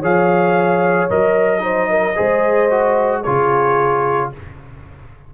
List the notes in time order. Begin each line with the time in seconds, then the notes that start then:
0.00 F3 G#4 C#5 F5
1.10 F#3 A#4 D#5
1.59 D#4 C5
1.90 A#4
2.16 G#3 G#4 C5
2.70 F#4
3.21 C#3 F4 G#4 C#5